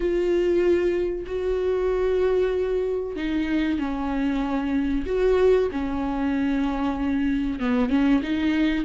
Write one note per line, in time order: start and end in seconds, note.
0.00 1.25 F4
1.26 3.16 F#4
3.16 3.78 D#4
3.78 5.05 C#4
5.06 5.69 F#4
5.71 7.59 C#4
7.59 7.89 B3
7.89 8.21 C#4
8.22 8.84 D#4